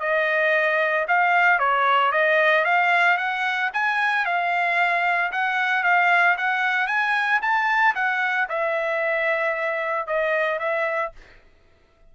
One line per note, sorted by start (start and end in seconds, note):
0.00 1.06 D#5
1.08 1.59 F5
1.59 2.12 C#5
2.12 2.65 D#5
2.65 3.18 F5
3.18 3.71 F#5
3.74 4.26 G#5
4.26 5.32 F5
5.32 5.84 F#5
5.84 6.37 F5
6.38 6.87 F#5
6.87 7.40 G#5
7.42 7.95 A5
7.95 8.49 F#5
8.49 10.07 E5
10.07 10.59 D#5
10.59 11.12 E5